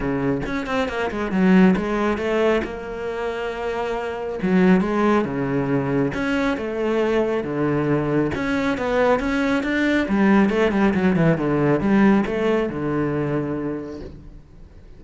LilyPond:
\new Staff \with { instrumentName = "cello" } { \time 4/4 \tempo 4 = 137 cis4 cis'8 c'8 ais8 gis8 fis4 | gis4 a4 ais2~ | ais2 fis4 gis4 | cis2 cis'4 a4~ |
a4 d2 cis'4 | b4 cis'4 d'4 g4 | a8 g8 fis8 e8 d4 g4 | a4 d2. | }